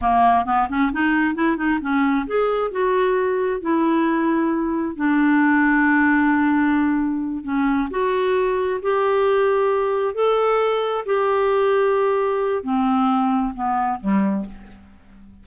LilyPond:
\new Staff \with { instrumentName = "clarinet" } { \time 4/4 \tempo 4 = 133 ais4 b8 cis'8 dis'4 e'8 dis'8 | cis'4 gis'4 fis'2 | e'2. d'4~ | d'1~ |
d'8 cis'4 fis'2 g'8~ | g'2~ g'8 a'4.~ | a'8 g'2.~ g'8 | c'2 b4 g4 | }